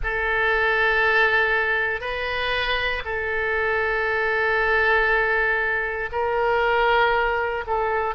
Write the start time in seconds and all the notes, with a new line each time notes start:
0.03 A4
2.00 B4
3.04 A4
6.12 A#4
7.66 A4